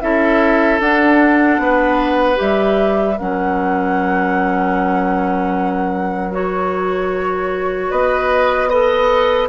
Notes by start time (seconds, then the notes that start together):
0.00 C#4 E4 A4 E5
0.80 D4 F#5
1.58 B3 B4
2.35 G3 G4 E5
3.17 F#3 C#4 A#4 F#5
6.32 F#4 C#5
7.90 B3 B4 D#5
8.69 A4 B4 D#5